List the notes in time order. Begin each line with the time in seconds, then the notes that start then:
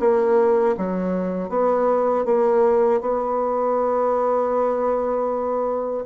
0.00 A#3
0.77 F#3
1.49 B3
2.25 A#3
3.01 B3